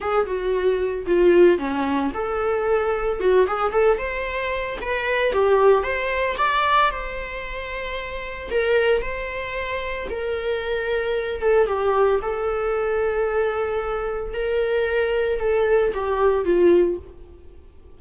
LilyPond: \new Staff \with { instrumentName = "viola" } { \time 4/4 \tempo 4 = 113 gis'8 fis'4. f'4 cis'4 | a'2 fis'8 gis'8 a'8 c''8~ | c''4 b'4 g'4 c''4 | d''4 c''2. |
ais'4 c''2 ais'4~ | ais'4. a'8 g'4 a'4~ | a'2. ais'4~ | ais'4 a'4 g'4 f'4 | }